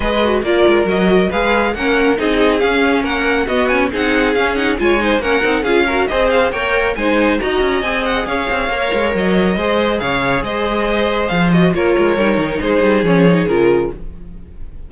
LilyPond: <<
  \new Staff \with { instrumentName = "violin" } { \time 4/4 \tempo 4 = 138 dis''4 d''4 dis''4 f''4 | fis''4 dis''4 f''4 fis''4 | dis''8 gis''8 fis''4 f''8 fis''8 gis''4 | fis''4 f''4 dis''8 f''8 g''4 |
gis''4 ais''4 gis''8 fis''8 f''4~ | f''4 dis''2 f''4 | dis''2 f''8 dis''8 cis''4~ | cis''4 c''4 cis''4 ais'4 | }
  \new Staff \with { instrumentName = "violin" } { \time 4/4 b'4 ais'2 b'4 | ais'4 gis'2 ais'4 | fis'4 gis'2 cis''8 c''8 | ais'4 gis'8 ais'8 c''4 cis''4 |
c''4 dis''2 cis''4~ | cis''2 c''4 cis''4 | c''2. ais'4~ | ais'4 gis'2. | }
  \new Staff \with { instrumentName = "viola" } { \time 4/4 gis'8 fis'8 f'4 fis'4 gis'4 | cis'4 dis'4 cis'2 | b8 cis'8 dis'4 cis'8 dis'8 f'8 dis'8 | cis'8 dis'8 f'8 fis'8 gis'4 ais'4 |
dis'4 fis'4 gis'2 | ais'2 gis'2~ | gis'2~ gis'8 fis'8 f'4 | dis'2 cis'8 dis'8 f'4 | }
  \new Staff \with { instrumentName = "cello" } { \time 4/4 gis4 ais8 gis8 fis4 gis4 | ais4 c'4 cis'4 ais4 | b4 c'4 cis'4 gis4 | ais8 c'8 cis'4 c'4 ais4 |
gis4 dis'8 cis'8 c'4 cis'8 c'8 | ais8 gis8 fis4 gis4 cis4 | gis2 f4 ais8 gis8 | g8 dis8 gis8 g8 f4 cis4 | }
>>